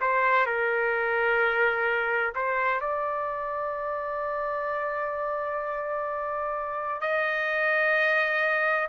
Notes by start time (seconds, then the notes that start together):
0.00 C5
0.46 A#4
2.35 C5
2.80 D5
7.01 D#5